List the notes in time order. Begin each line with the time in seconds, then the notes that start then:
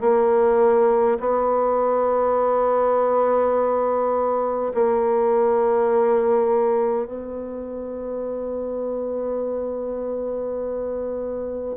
0.00 A#3
1.19 B3
4.74 A#3
7.05 B3